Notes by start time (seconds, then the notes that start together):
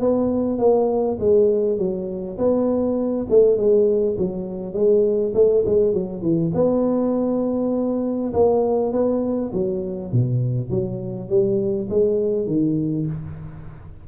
0.00 B3
0.58 A#3
1.20 G#3
1.78 F#3
2.38 B3
3.30 A3
3.57 G#3
4.18 F#3
4.74 G#3
5.35 A3
5.65 G#3
5.94 F#3
6.22 E3
6.55 B3
8.33 A#3
8.92 B3
9.53 F#3
10.12 B2
10.70 F#3
11.29 G3
11.90 G#3
12.47 D#3